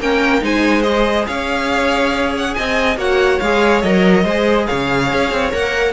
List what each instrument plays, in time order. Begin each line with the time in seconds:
0.00 cello A#3, viola C#4, violin A#4 G5
0.41 cello G#3, viola D#4, violin C5 G#5
0.82 viola G#4, violin D#5
1.27 cello C#4, violin C#5 F5
2.37 violin F#5
2.54 cello C4, violin D#5 G#5
2.96 cello A#3, viola F#4, violin C#5 F#5
3.40 cello G#3, viola G#4, violin F5
3.82 cello F#3, viola A#4, violin D#5
4.24 cello G#3, viola G#4, violin C5
4.67 cello C#3, violin C#5 F5
5.13 cello C#4
5.31 cello C4
5.52 cello A#3, viola A#4, violin F#5